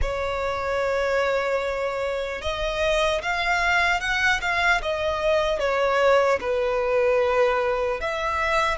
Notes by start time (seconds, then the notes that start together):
0.01 C#5
2.41 D#5
3.22 F5
4.00 F#5
4.41 F5
4.82 D#5
5.59 C#5
6.40 B4
8.00 E5